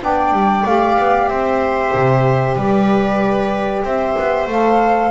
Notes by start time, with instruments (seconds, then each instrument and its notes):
0.00 double bass B3, saxophone D4, viola D5, flute G5
0.32 double bass G3
0.66 double bass A3, saxophone G4, flute F5
0.99 double bass B3
1.29 double bass C4, viola C5, flute E5
1.94 double bass C3
2.56 double bass G3, viola B4, flute D5
3.84 double bass C4, viola C5, flute E5
4.19 double bass B3
4.47 double bass A3, saxophone A4, flute F5